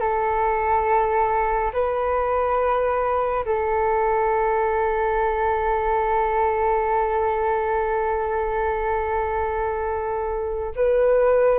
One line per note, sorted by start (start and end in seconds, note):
0.00 1.71 A4
1.73 3.44 B4
3.46 10.74 A4
10.76 11.59 B4